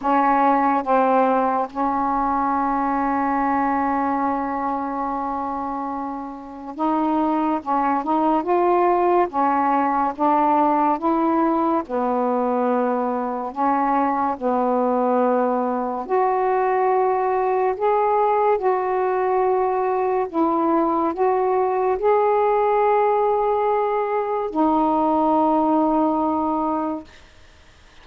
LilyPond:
\new Staff \with { instrumentName = "saxophone" } { \time 4/4 \tempo 4 = 71 cis'4 c'4 cis'2~ | cis'1 | dis'4 cis'8 dis'8 f'4 cis'4 | d'4 e'4 b2 |
cis'4 b2 fis'4~ | fis'4 gis'4 fis'2 | e'4 fis'4 gis'2~ | gis'4 dis'2. | }